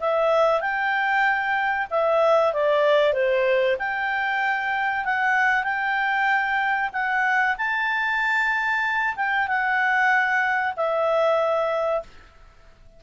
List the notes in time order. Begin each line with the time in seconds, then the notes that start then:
0.00 E5
0.61 G5
1.91 E5
2.53 D5
3.14 C5
3.79 G5
5.05 F#5
5.64 G5
6.93 F#5
7.58 A5
9.16 G5
9.48 F#5
10.77 E5